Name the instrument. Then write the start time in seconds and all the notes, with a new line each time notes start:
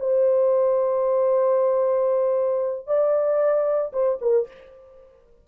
horn
0.00 C5
2.87 D5
3.93 C5
4.22 A#4